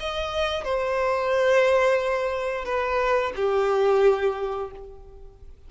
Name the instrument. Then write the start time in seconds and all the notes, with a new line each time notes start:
violin
0.00 D#5
0.64 C5
2.65 B4
3.36 G4